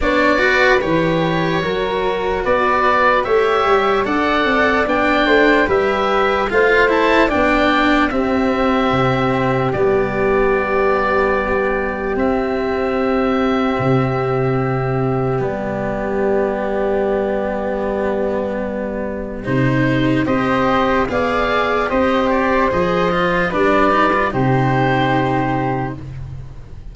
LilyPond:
<<
  \new Staff \with { instrumentName = "oboe" } { \time 4/4 \tempo 4 = 74 d''4 cis''2 d''4 | e''4 fis''4 g''4 e''4 | f''8 a''8 g''4 e''2 | d''2. e''4~ |
e''2. d''4~ | d''1 | c''4 dis''4 f''4 dis''8 d''8 | dis''4 d''4 c''2 | }
  \new Staff \with { instrumentName = "flute" } { \time 4/4 cis''8 b'4. ais'4 b'4 | cis''4 d''4. c''8 b'4 | c''4 d''4 g'2~ | g'1~ |
g'1~ | g'1~ | g'4 c''4 d''4 c''4~ | c''4 b'4 g'2 | }
  \new Staff \with { instrumentName = "cello" } { \time 4/4 d'8 fis'8 g'4 fis'2 | g'4 a'4 d'4 g'4 | f'8 e'8 d'4 c'2 | b2. c'4~ |
c'2. b4~ | b1 | dis'4 g'4 gis'4 g'4 | gis'8 f'8 d'8 dis'16 f'16 dis'2 | }
  \new Staff \with { instrumentName = "tuba" } { \time 4/4 b4 e4 fis4 b4 | a8 g8 d'8 c'8 b8 a8 g4 | a4 b4 c'4 c4 | g2. c'4~ |
c'4 c2 g4~ | g1 | c4 c'4 b4 c'4 | f4 g4 c2 | }
>>